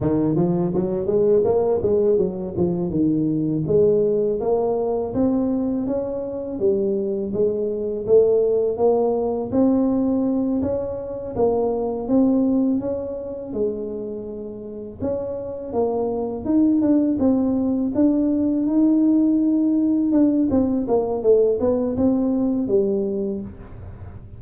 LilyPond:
\new Staff \with { instrumentName = "tuba" } { \time 4/4 \tempo 4 = 82 dis8 f8 fis8 gis8 ais8 gis8 fis8 f8 | dis4 gis4 ais4 c'4 | cis'4 g4 gis4 a4 | ais4 c'4. cis'4 ais8~ |
ais8 c'4 cis'4 gis4.~ | gis8 cis'4 ais4 dis'8 d'8 c'8~ | c'8 d'4 dis'2 d'8 | c'8 ais8 a8 b8 c'4 g4 | }